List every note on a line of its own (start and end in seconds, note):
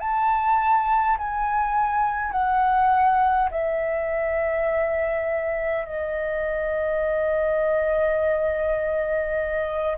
0.00 1.18 A5
1.18 2.32 G#5
2.32 3.50 F#5
3.51 5.86 E5
5.86 9.97 D#5